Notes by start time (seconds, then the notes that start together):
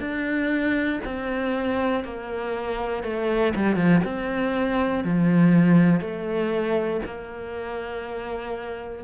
0.00 D4
1.05 C4
2.04 A#3
3.04 A3
3.56 G3
3.76 F3
4.05 C4
5.04 F3
6.01 A3
7.06 A#3